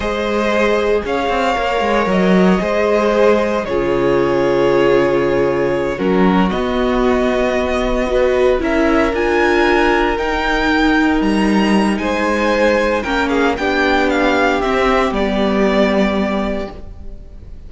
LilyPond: <<
  \new Staff \with { instrumentName = "violin" } { \time 4/4 \tempo 4 = 115 dis''2 f''2 | dis''2. cis''4~ | cis''2.~ cis''8 ais'8~ | ais'8 dis''2.~ dis''8~ |
dis''8 e''4 gis''2 g''8~ | g''4. ais''4. gis''4~ | gis''4 g''8 f''8 g''4 f''4 | e''4 d''2. | }
  \new Staff \with { instrumentName = "violin" } { \time 4/4 c''2 cis''2~ | cis''4 c''2 gis'4~ | gis'2.~ gis'8 fis'8~ | fis'2.~ fis'8 b'8~ |
b'8 ais'2.~ ais'8~ | ais'2. c''4~ | c''4 ais'8 gis'8 g'2~ | g'1 | }
  \new Staff \with { instrumentName = "viola" } { \time 4/4 gis'2. ais'4~ | ais'4 gis'2 f'4~ | f'2.~ f'8 cis'8~ | cis'8 b2. fis'8~ |
fis'8 e'4 f'2 dis'8~ | dis'1~ | dis'4 cis'4 d'2 | c'4 b2. | }
  \new Staff \with { instrumentName = "cello" } { \time 4/4 gis2 cis'8 c'8 ais8 gis8 | fis4 gis2 cis4~ | cis2.~ cis8 fis8~ | fis8 b2.~ b8~ |
b8 cis'4 d'2 dis'8~ | dis'4. g4. gis4~ | gis4 ais4 b2 | c'4 g2. | }
>>